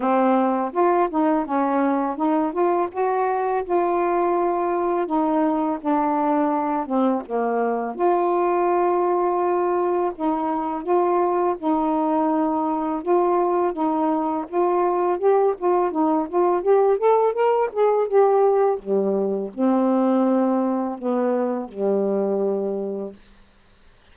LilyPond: \new Staff \with { instrumentName = "saxophone" } { \time 4/4 \tempo 4 = 83 c'4 f'8 dis'8 cis'4 dis'8 f'8 | fis'4 f'2 dis'4 | d'4. c'8 ais4 f'4~ | f'2 dis'4 f'4 |
dis'2 f'4 dis'4 | f'4 g'8 f'8 dis'8 f'8 g'8 a'8 | ais'8 gis'8 g'4 g4 c'4~ | c'4 b4 g2 | }